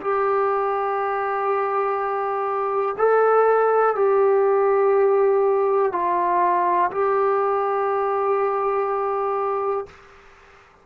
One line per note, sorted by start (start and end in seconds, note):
0.00 2.95 G4
2.97 3.95 A4
3.95 5.92 G4
5.92 6.90 F4
6.91 9.86 G4